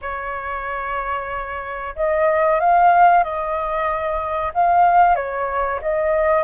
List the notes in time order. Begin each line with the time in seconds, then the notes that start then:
0.01 C#5
1.95 D#5
2.60 F5
3.23 D#5
4.54 F5
5.15 C#5
5.81 D#5